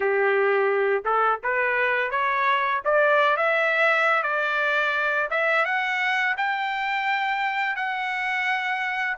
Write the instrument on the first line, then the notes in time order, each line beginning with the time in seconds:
trumpet
0.00 G4
1.04 A4
1.43 B4
2.10 C#5
2.84 D5
3.36 E5
4.22 D5
5.30 E5
5.65 F#5
6.37 G5
7.76 F#5